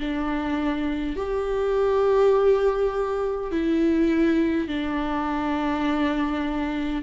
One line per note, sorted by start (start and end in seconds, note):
0.00 1.17 D4
1.17 3.52 G4
3.52 4.68 E4
4.68 7.03 D4